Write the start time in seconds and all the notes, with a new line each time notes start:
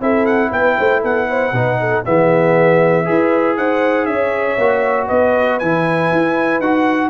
0.00 C4 E4 A4 E5
0.26 F#5
0.51 B3 B4 G5
0.78 A3 C5
1.01 B3 A4 F#5
1.29 C5
1.52 B2 D#4 B4
1.80 A4
2.05 E3 B3 G#4 E5
3.05 E4 G#4 B4
3.57 D#4 C5 F#5
4.05 C#4 C#5 E5
4.58 A#3 F#4
5.06 B3 B4 D#5
5.59 E3 E4 G#5
6.12 E4
6.60 D#4 F#4 F#5